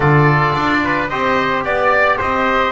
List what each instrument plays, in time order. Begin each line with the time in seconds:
0.00 double bass D3, trombone F4, trumpet A4, oboe D5
0.55 double bass D4
0.83 trumpet B4
1.09 double bass C4, trombone G4, trumpet C5, oboe D#5
1.64 double bass B3, oboe D5, trumpet D5
2.17 double bass C4, trumpet C5, oboe D#5